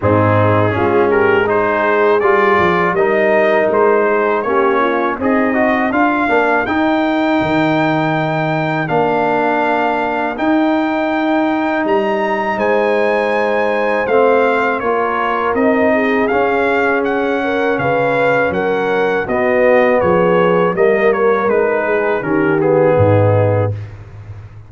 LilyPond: <<
  \new Staff \with { instrumentName = "trumpet" } { \time 4/4 \tempo 4 = 81 gis'4. ais'8 c''4 d''4 | dis''4 c''4 cis''4 dis''4 | f''4 g''2. | f''2 g''2 |
ais''4 gis''2 f''4 | cis''4 dis''4 f''4 fis''4 | f''4 fis''4 dis''4 cis''4 | dis''8 cis''8 b'4 ais'8 gis'4. | }
  \new Staff \with { instrumentName = "horn" } { \time 4/4 dis'4 f'8 g'8 gis'2 | ais'4. gis'8 g'8 f'8 dis'4 | ais'1~ | ais'1~ |
ais'4 c''2. | ais'4. gis'2 ais'8 | b'4 ais'4 fis'4 gis'4 | ais'4. gis'8 g'4 dis'4 | }
  \new Staff \with { instrumentName = "trombone" } { \time 4/4 c'4 cis'4 dis'4 f'4 | dis'2 cis'4 gis'8 fis'8 | f'8 d'8 dis'2. | d'2 dis'2~ |
dis'2. c'4 | f'4 dis'4 cis'2~ | cis'2 b2 | ais4 dis'4 cis'8 b4. | }
  \new Staff \with { instrumentName = "tuba" } { \time 4/4 gis,4 gis2 g8 f8 | g4 gis4 ais4 c'4 | d'8 ais8 dis'4 dis2 | ais2 dis'2 |
g4 gis2 a4 | ais4 c'4 cis'2 | cis4 fis4 b4 f4 | g4 gis4 dis4 gis,4 | }
>>